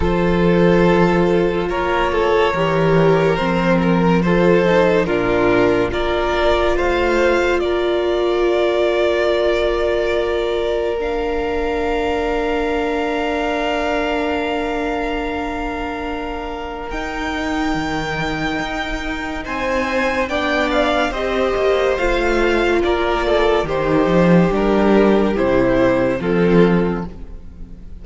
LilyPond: <<
  \new Staff \with { instrumentName = "violin" } { \time 4/4 \tempo 4 = 71 c''2 cis''2 | c''8 ais'8 c''4 ais'4 d''4 | f''4 d''2.~ | d''4 f''2.~ |
f''1 | g''2. gis''4 | g''8 f''8 dis''4 f''4 d''4 | c''4 ais'4 c''4 a'4 | }
  \new Staff \with { instrumentName = "violin" } { \time 4/4 a'2 ais'8 a'8 ais'4~ | ais'4 a'4 f'4 ais'4 | c''4 ais'2.~ | ais'1~ |
ais'1~ | ais'2. c''4 | d''4 c''2 ais'8 a'8 | g'2. f'4 | }
  \new Staff \with { instrumentName = "viola" } { \time 4/4 f'2. g'4 | c'4 f'8 dis'8 d'4 f'4~ | f'1~ | f'4 d'2.~ |
d'1 | dis'1 | d'4 g'4 f'2 | dis'4 d'4 e'4 c'4 | }
  \new Staff \with { instrumentName = "cello" } { \time 4/4 f2 ais4 e4 | f2 ais,4 ais4 | a4 ais2.~ | ais1~ |
ais1 | dis'4 dis4 dis'4 c'4 | b4 c'8 ais8 a4 ais4 | dis8 f8 g4 c4 f4 | }
>>